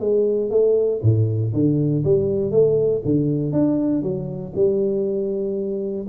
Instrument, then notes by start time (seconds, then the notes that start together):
tuba
0.00 G#3
0.50 A3
1.02 A2
1.53 D3
2.05 G3
2.51 A3
3.05 D3
3.52 D4
4.03 F#3
4.55 G3